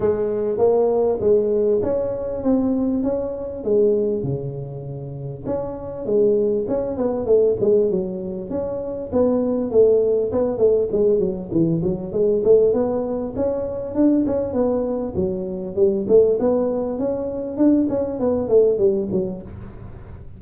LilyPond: \new Staff \with { instrumentName = "tuba" } { \time 4/4 \tempo 4 = 99 gis4 ais4 gis4 cis'4 | c'4 cis'4 gis4 cis4~ | cis4 cis'4 gis4 cis'8 b8 | a8 gis8 fis4 cis'4 b4 |
a4 b8 a8 gis8 fis8 e8 fis8 | gis8 a8 b4 cis'4 d'8 cis'8 | b4 fis4 g8 a8 b4 | cis'4 d'8 cis'8 b8 a8 g8 fis8 | }